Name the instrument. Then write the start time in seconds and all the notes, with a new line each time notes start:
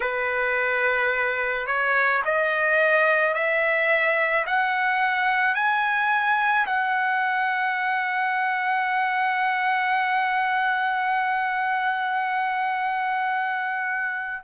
trumpet
0.00 B4
1.67 C#5
2.24 D#5
3.34 E5
4.46 F#5
5.55 G#5
6.66 F#5